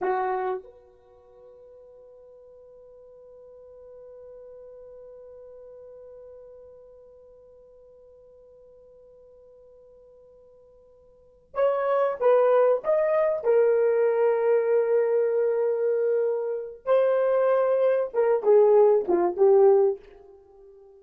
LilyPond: \new Staff \with { instrumentName = "horn" } { \time 4/4 \tempo 4 = 96 fis'4 b'2.~ | b'1~ | b'1~ | b'1~ |
b'2~ b'8 cis''4 b'8~ | b'8 dis''4 ais'2~ ais'8~ | ais'2. c''4~ | c''4 ais'8 gis'4 f'8 g'4 | }